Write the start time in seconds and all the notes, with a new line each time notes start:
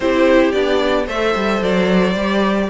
0.00 C4 E4 G4 C5
0.51 B3 D4 D5
1.06 A3 A4 C5 E5
1.35 G3
1.61 F#3 D5
2.14 G3 G4